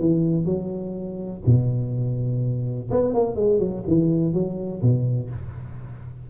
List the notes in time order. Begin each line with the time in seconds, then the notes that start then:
0.00 E3
0.45 F#3
1.46 B2
2.91 B3
3.14 A#3
3.36 G#3
3.60 F#3
3.87 E3
4.34 F#3
4.82 B2